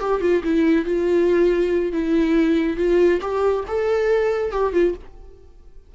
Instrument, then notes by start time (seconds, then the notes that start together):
viola
0.00 G4
0.21 F4
0.44 E4
0.86 F4
1.92 E4
2.77 F4
3.21 G4
3.68 A4
4.51 G4
4.73 F4